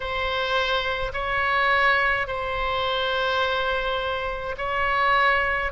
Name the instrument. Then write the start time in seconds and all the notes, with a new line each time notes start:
oboe
0.00 C5
1.13 C#5
2.27 C5
4.57 C#5